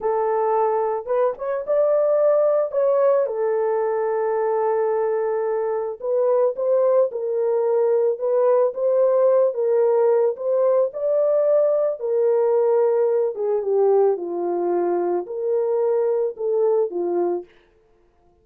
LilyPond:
\new Staff \with { instrumentName = "horn" } { \time 4/4 \tempo 4 = 110 a'2 b'8 cis''8 d''4~ | d''4 cis''4 a'2~ | a'2. b'4 | c''4 ais'2 b'4 |
c''4. ais'4. c''4 | d''2 ais'2~ | ais'8 gis'8 g'4 f'2 | ais'2 a'4 f'4 | }